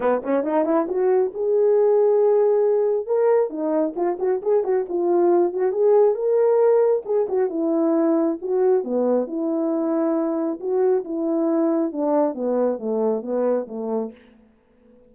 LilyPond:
\new Staff \with { instrumentName = "horn" } { \time 4/4 \tempo 4 = 136 b8 cis'8 dis'8 e'8 fis'4 gis'4~ | gis'2. ais'4 | dis'4 f'8 fis'8 gis'8 fis'8 f'4~ | f'8 fis'8 gis'4 ais'2 |
gis'8 fis'8 e'2 fis'4 | b4 e'2. | fis'4 e'2 d'4 | b4 a4 b4 a4 | }